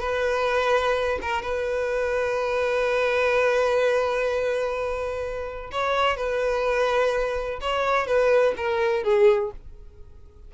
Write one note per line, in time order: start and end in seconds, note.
0.00 1.19 B4
1.22 1.43 A#4
1.43 5.71 B4
5.72 6.17 C#5
6.17 7.60 B4
7.61 8.07 C#5
8.07 8.55 B4
8.57 9.04 A#4
9.04 9.52 G#4